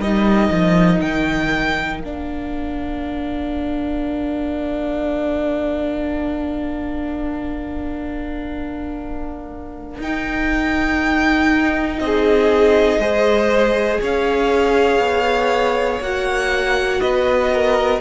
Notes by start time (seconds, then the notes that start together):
0.00 G3 D#4 A#4 D#5
0.51 F3
1.01 D#3 G5
2.00 A#3 D4 F5
9.98 D#4 G5
12.00 C4 D#5
12.06 G#4
12.98 G#3 G#4 C5
14.01 C#4 C#5 F5
15.00 B3
16.00 A#3 F#4 F#5
17.00 B3 B4 D#5
17.54 A#4